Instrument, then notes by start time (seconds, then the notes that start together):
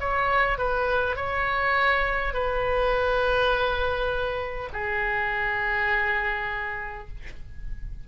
oboe
0.00 C#5
0.58 B4
1.16 C#5
2.34 B4
4.73 G#4